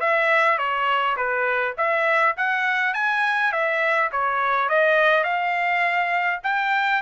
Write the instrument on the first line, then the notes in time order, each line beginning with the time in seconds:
trumpet
0.00 E5
0.58 C#5
1.16 B4
1.77 E5
2.37 F#5
2.94 G#5
3.52 E5
4.11 C#5
4.69 D#5
5.23 F5
6.43 G5